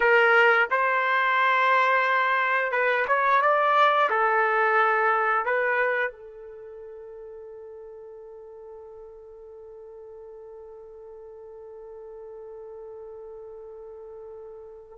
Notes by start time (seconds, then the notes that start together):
0.00 A#4
0.70 C5
2.71 B4
3.07 C#5
3.41 D5
4.10 A4
5.45 B4
6.11 A4